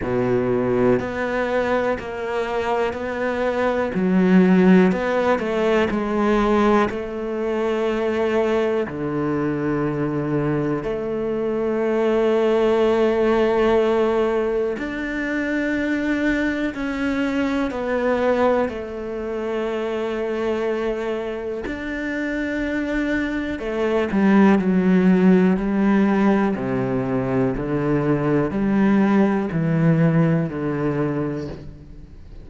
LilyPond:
\new Staff \with { instrumentName = "cello" } { \time 4/4 \tempo 4 = 61 b,4 b4 ais4 b4 | fis4 b8 a8 gis4 a4~ | a4 d2 a4~ | a2. d'4~ |
d'4 cis'4 b4 a4~ | a2 d'2 | a8 g8 fis4 g4 c4 | d4 g4 e4 d4 | }